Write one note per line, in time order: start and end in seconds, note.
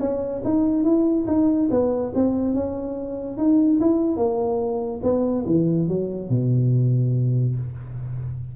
0.00 0.42 C#4
0.44 0.84 D#4
0.84 1.26 E4
1.27 1.69 D#4
1.71 2.13 B3
2.15 2.55 C4
2.55 3.38 C#4
3.38 3.80 D#4
3.80 4.17 E4
4.17 5.01 A#3
5.03 5.45 B3
5.46 5.88 E3
5.89 6.30 F#3
6.30 7.56 B2